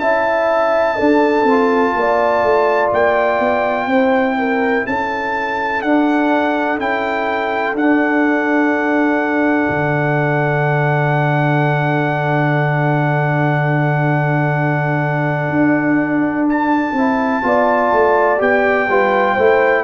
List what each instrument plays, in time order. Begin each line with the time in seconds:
0.00 tuba C#4, trombone E4, horn E5, trumpet A5
0.97 trombone D4, tuba D4, horn A4
1.44 tuba C4, trombone F4
1.96 tuba A#3, horn D5
2.44 tuba A3
2.92 tuba A#3, trumpet G5
3.40 tuba B3
3.87 tuba C4, trombone E4, horn C5
4.39 horn A#4
4.87 tuba C#4, horn A4, trumpet A5
5.82 tuba D4, trombone D4, trumpet F#5
6.79 tuba C#4, trombone E4, trumpet G5
7.74 tuba D4, trombone D4, trumpet F#5
9.70 tuba D3
15.50 tuba D4
16.49 trumpet A5
16.93 tuba C4, trombone E4
17.43 tuba B3, trombone F4, horn D5
17.92 tuba A3
18.38 tuba B3, trombone G4, trumpet G5
18.89 tuba G3, trombone F4, horn B4
19.34 tuba A3, trombone E4, horn C5